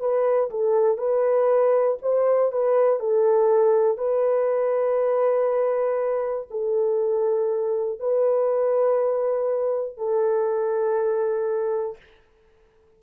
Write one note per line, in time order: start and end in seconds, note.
0.00 0.50 B4
0.50 0.98 A4
0.98 1.98 B4
2.02 2.52 C5
2.52 3.00 B4
3.00 3.98 A4
3.98 6.48 B4
6.50 8.00 A4
8.00 9.97 B4
9.97 11.97 A4